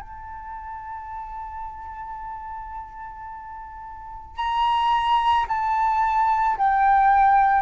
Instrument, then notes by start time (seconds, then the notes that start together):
flute
0.00 A5
4.36 A#5
5.48 A5
6.58 G5